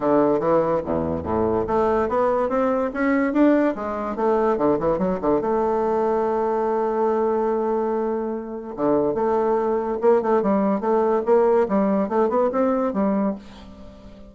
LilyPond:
\new Staff \with { instrumentName = "bassoon" } { \time 4/4 \tempo 4 = 144 d4 e4 e,4 a,4 | a4 b4 c'4 cis'4 | d'4 gis4 a4 d8 e8 | fis8 d8 a2.~ |
a1~ | a4 d4 a2 | ais8 a8 g4 a4 ais4 | g4 a8 b8 c'4 g4 | }